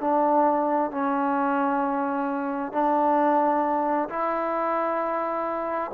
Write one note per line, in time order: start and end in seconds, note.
0.00 0.91 D4
0.91 2.72 C#4
2.72 4.08 D4
4.09 5.91 E4